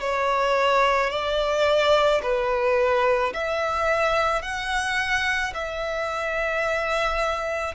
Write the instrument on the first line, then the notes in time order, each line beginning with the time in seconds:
violin
0.00 C#5
1.10 D5
2.22 B4
3.34 E5
4.42 F#5
5.54 E5